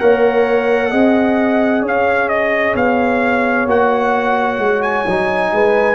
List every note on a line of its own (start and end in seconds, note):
0.00 0.93 A#3
0.00 0.92 A#4
0.00 0.91 C#5
0.00 1.85 F#5
0.91 1.82 C4
0.91 3.68 G#4
0.91 1.83 D#5
1.82 2.75 C#4
1.82 5.52 C#5
1.82 2.29 F5
2.29 2.75 D#5
2.75 3.66 B3
2.75 3.69 F5
3.66 4.58 A#3
3.66 5.06 F#4
3.66 4.82 F#5
4.58 5.05 G#3
4.82 5.96 G#5
5.07 5.52 F#3
5.07 5.96 D#4
5.52 5.96 G#3
5.52 5.96 B4